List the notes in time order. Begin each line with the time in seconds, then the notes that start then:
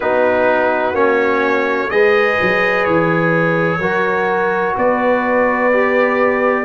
0.00 B3 D#4 F#4 B4
0.93 A#3 C#4 C#5
1.89 G#3 G#4 B4 D#5
2.41 F#3
2.84 E3 C#5
3.78 F#3 F#4 A#4
4.75 B3 B4 D5
5.72 G4